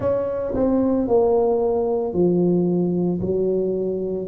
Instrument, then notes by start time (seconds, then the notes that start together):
tuba
0.00 C#4
0.55 C4
1.07 A#3
2.13 F3
3.20 F#3